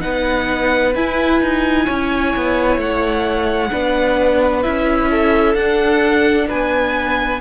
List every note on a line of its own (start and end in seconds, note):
0.00 0.95 B3
0.00 0.92 D#4
0.00 1.85 B4
0.00 0.93 F#5
0.95 1.41 E4
0.95 3.71 E4
0.95 2.79 G#5
1.41 1.87 D#4
1.85 2.35 C#4
1.85 3.70 C#5
2.36 2.77 B3
2.77 3.69 A3
2.77 4.62 F#5
3.71 4.65 B3
3.71 4.63 D4
3.71 5.10 B4
4.62 5.54 C#4
4.62 5.55 E4
4.62 5.54 E5
5.10 6.48 A4
5.54 6.47 D4
5.54 7.41 D4
5.54 6.47 F#5
6.48 7.41 B3
6.48 7.40 B4
6.48 7.41 G#5